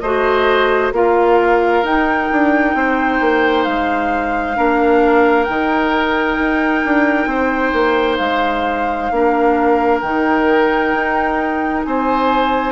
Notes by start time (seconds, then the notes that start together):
0.00 A3 F#4 C5 D#5
0.92 A#3 F4 A#4 F5
1.83 D#4 G5
2.32 D4
2.74 C4 C5
3.20 A#3
3.64 G#3 F5
4.55 A#3 D4 A#4
5.44 D#3 D#4 G5
6.38 D#4
6.85 D4
7.27 C4 C5
7.73 A#3
8.17 G#3 F5
9.11 A#3 D4 A#4
10.01 D#3 D#4 G5
10.94 D#4
11.84 C4 C5 G#5